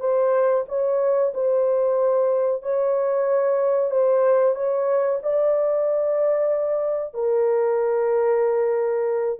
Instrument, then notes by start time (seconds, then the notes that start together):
horn
0.00 C5
0.68 C#5
1.34 C5
2.62 C#5
3.91 C5
4.55 C#5
5.23 D5
7.14 A#4